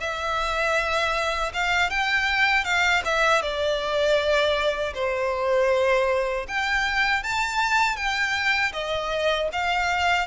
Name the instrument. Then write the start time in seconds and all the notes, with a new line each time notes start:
violin
0.00 E5
1.54 F5
1.90 G5
2.64 F5
3.05 E5
3.42 D5
4.94 C5
6.48 G5
7.23 A5
7.96 G5
8.73 D#5
9.52 F5